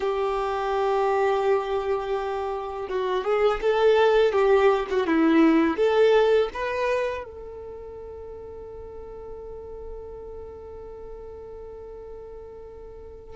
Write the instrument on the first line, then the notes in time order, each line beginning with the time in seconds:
violin
0.00 G4
2.88 F#4
3.24 G#4
3.61 A4
4.32 G4
4.90 F#4
5.06 E4
5.76 A4
6.53 B4
7.24 A4